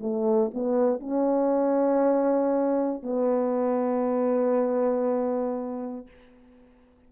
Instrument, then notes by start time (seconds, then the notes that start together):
horn
0.00 A3
0.53 B3
0.99 C#4
3.02 B3